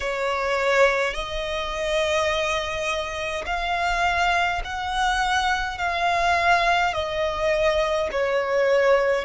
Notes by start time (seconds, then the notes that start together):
0.00 C#5
1.13 D#5
3.46 F5
4.64 F#5
5.77 F5
6.93 D#5
8.11 C#5